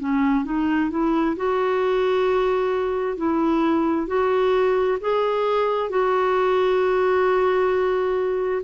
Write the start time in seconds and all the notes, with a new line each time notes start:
0.00 C#4
0.45 D#4
0.91 E4
1.37 F#4
3.18 E4
4.07 F#4
5.01 G#4
5.90 F#4